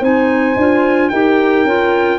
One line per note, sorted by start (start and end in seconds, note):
0.00 0.56 C4
0.00 0.56 D#4
0.00 1.09 C5
0.00 1.09 G#5
0.56 1.10 D4
0.56 1.12 F4
1.09 1.64 D#4
1.09 1.67 G4
1.09 2.19 A#4
1.09 2.18 G5
1.64 2.19 C#4
1.64 2.19 F4